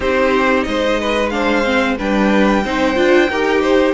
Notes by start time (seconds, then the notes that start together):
0.00 C4 D#4 G4 C5
0.63 G#3 C5 D#5
1.00 B4
1.29 D4 C5 F5
1.64 C4
1.97 G3 D4 B4 G5
2.64 C4 D#4 C5
2.95 D4 F4
3.30 D#4 G4 A#4
3.61 C5